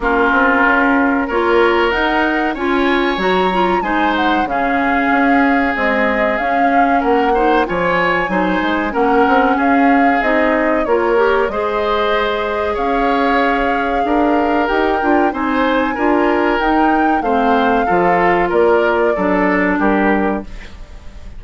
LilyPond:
<<
  \new Staff \with { instrumentName = "flute" } { \time 4/4 \tempo 4 = 94 ais'2 cis''4 fis''4 | gis''4 ais''4 gis''8 fis''8 f''4~ | f''4 dis''4 f''4 fis''4 | gis''2 fis''4 f''4 |
dis''4 cis''4 dis''2 | f''2. g''4 | gis''2 g''4 f''4~ | f''4 d''2 ais'4 | }
  \new Staff \with { instrumentName = "oboe" } { \time 4/4 f'2 ais'2 | cis''2 c''4 gis'4~ | gis'2. ais'8 c''8 | cis''4 c''4 ais'4 gis'4~ |
gis'4 ais'4 c''2 | cis''2 ais'2 | c''4 ais'2 c''4 | a'4 ais'4 a'4 g'4 | }
  \new Staff \with { instrumentName = "clarinet" } { \time 4/4 cis'2 f'4 dis'4 | f'4 fis'8 f'8 dis'4 cis'4~ | cis'4 gis4 cis'4. dis'8 | f'4 dis'4 cis'2 |
dis'4 f'8 g'8 gis'2~ | gis'2. g'8 f'8 | dis'4 f'4 dis'4 c'4 | f'2 d'2 | }
  \new Staff \with { instrumentName = "bassoon" } { \time 4/4 ais8 c'8 cis'4 ais4 dis'4 | cis'4 fis4 gis4 cis4 | cis'4 c'4 cis'4 ais4 | f4 fis8 gis8 ais8 c'8 cis'4 |
c'4 ais4 gis2 | cis'2 d'4 dis'8 d'8 | c'4 d'4 dis'4 a4 | f4 ais4 fis4 g4 | }
>>